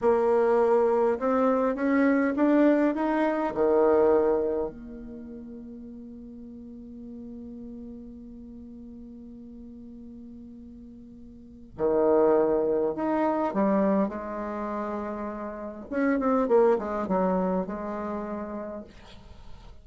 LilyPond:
\new Staff \with { instrumentName = "bassoon" } { \time 4/4 \tempo 4 = 102 ais2 c'4 cis'4 | d'4 dis'4 dis2 | ais1~ | ais1~ |
ais1 | dis2 dis'4 g4 | gis2. cis'8 c'8 | ais8 gis8 fis4 gis2 | }